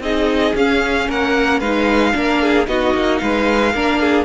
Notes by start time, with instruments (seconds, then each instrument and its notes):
0.00 cello C4, viola D#4, violin G#4 D#5
0.55 cello C#4, viola C#4, violin F5
1.09 cello A#3, violin A#4 F#5
1.60 cello G#3, viola D#4, violin B4 F5
2.13 cello A#3, viola D4, violin A#4
2.43 violin G#4
2.67 cello B3, viola D#4, violin F#4 D#5
2.95 cello A#3
3.19 cello G#3, violin B4 F5
3.74 cello A#3, viola D4, violin A#4
4.00 violin G#4